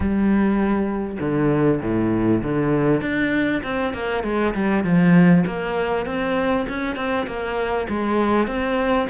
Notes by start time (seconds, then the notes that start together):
0.00 G3
1.20 D3
1.82 A2
2.42 D3
3.01 D4
3.63 C4
3.93 A#3
4.23 G#3
4.54 G3
4.83 F3
5.46 A#3
6.06 C4
6.68 C#4
6.96 C4
7.26 A#3
7.89 G#3
8.47 C4